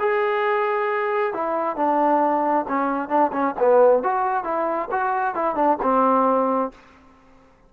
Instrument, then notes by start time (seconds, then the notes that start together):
trombone
0.00 G#4
1.34 E4
1.77 D4
2.68 C#4
3.09 D4
3.33 C#4
3.60 B3
4.04 F#4
4.45 E4
4.92 F#4
5.35 E4
5.56 D4
5.82 C4